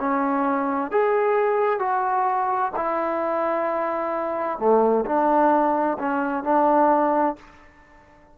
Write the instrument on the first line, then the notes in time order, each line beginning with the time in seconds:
trombone
0.00 C#4
0.91 G#4
1.80 F#4
2.76 E4
4.59 A3
5.06 D4
5.99 C#4
6.44 D4